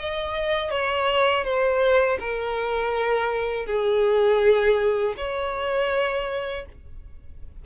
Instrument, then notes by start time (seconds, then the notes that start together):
violin
0.00 D#5
0.71 C#5
1.45 C5
2.20 A#4
3.67 G#4
5.18 C#5